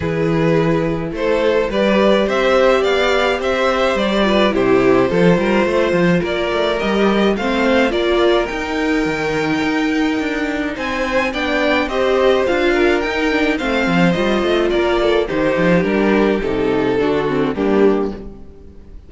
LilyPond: <<
  \new Staff \with { instrumentName = "violin" } { \time 4/4 \tempo 4 = 106 b'2 c''4 d''4 | e''4 f''4 e''4 d''4 | c''2. d''4 | dis''4 f''4 d''4 g''4~ |
g''2. gis''4 | g''4 dis''4 f''4 g''4 | f''4 dis''4 d''4 c''4 | ais'4 a'2 g'4 | }
  \new Staff \with { instrumentName = "violin" } { \time 4/4 gis'2 a'4 b'4 | c''4 d''4 c''4. b'8 | g'4 a'8 ais'8 c''4 ais'4~ | ais'4 c''4 ais'2~ |
ais'2. c''4 | d''4 c''4. ais'4. | c''2 ais'8 a'8 g'4~ | g'2 fis'4 d'4 | }
  \new Staff \with { instrumentName = "viola" } { \time 4/4 e'2. g'4~ | g'2.~ g'8 f'8 | e'4 f'2. | g'4 c'4 f'4 dis'4~ |
dis'1 | d'4 g'4 f'4 dis'8 d'8 | c'4 f'2 dis'4 | d'4 dis'4 d'8 c'8 ais4 | }
  \new Staff \with { instrumentName = "cello" } { \time 4/4 e2 a4 g4 | c'4 b4 c'4 g4 | c4 f8 g8 a8 f8 ais8 a8 | g4 a4 ais4 dis'4 |
dis4 dis'4 d'4 c'4 | b4 c'4 d'4 dis'4 | a8 f8 g8 a8 ais4 dis8 f8 | g4 c4 d4 g4 | }
>>